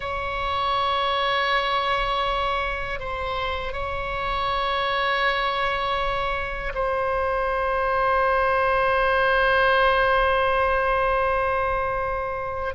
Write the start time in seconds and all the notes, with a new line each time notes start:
0.00 C#5
2.99 C5
3.73 C#5
6.74 C5